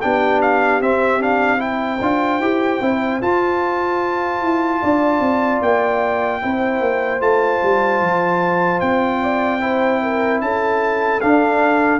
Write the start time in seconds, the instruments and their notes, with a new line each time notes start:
0.00 tuba B3, trombone D4, horn G4, trumpet G5
0.41 trumpet F5
0.80 tuba C4, trombone C4, trumpet E5
1.20 trombone D4, trumpet F5
1.57 trombone E4, horn C5, trumpet G5
2.00 tuba D4, trombone F4
2.39 tuba E4, trombone G4
2.81 tuba C4, trombone E4
3.21 tuba F4, trombone F4, trumpet A5
4.41 tuba E4
4.81 tuba D4, horn D5
5.19 tuba C4
5.61 tuba A#3, trumpet G5
6.41 tuba C4, trombone E4, horn C5
6.80 tuba A#3
7.20 tuba A3, trombone F4, trumpet A5
7.62 tuba G3
8.01 tuba F3
8.80 tuba C4, trumpet G5
9.21 horn D5
9.60 trombone E4, horn C5
10.02 horn A#4
10.41 tuba C#4, horn A4, trumpet A5
11.20 trombone D4, tuba D4, trumpet F5